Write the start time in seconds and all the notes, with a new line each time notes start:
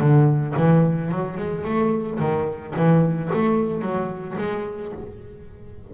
0.00 D3
0.57 E3
1.12 F#3
1.38 G#3
1.64 A3
2.20 D#3
2.76 E3
3.33 A3
3.82 F#3
4.38 G#3